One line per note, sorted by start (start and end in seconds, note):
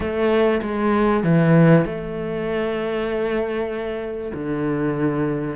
0.00 0.61 A3
0.62 1.23 G#3
1.23 1.85 E3
1.85 4.32 A3
4.34 5.55 D3